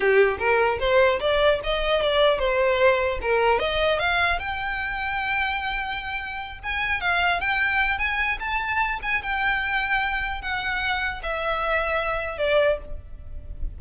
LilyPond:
\new Staff \with { instrumentName = "violin" } { \time 4/4 \tempo 4 = 150 g'4 ais'4 c''4 d''4 | dis''4 d''4 c''2 | ais'4 dis''4 f''4 g''4~ | g''1~ |
g''8 gis''4 f''4 g''4. | gis''4 a''4. gis''8 g''4~ | g''2 fis''2 | e''2. d''4 | }